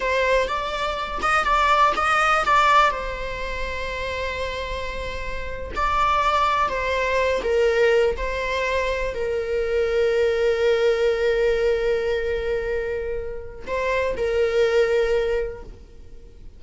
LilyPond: \new Staff \with { instrumentName = "viola" } { \time 4/4 \tempo 4 = 123 c''4 d''4. dis''8 d''4 | dis''4 d''4 c''2~ | c''2.~ c''8. d''16~ | d''4.~ d''16 c''4. ais'8.~ |
ais'8. c''2 ais'4~ ais'16~ | ais'1~ | ais'1 | c''4 ais'2. | }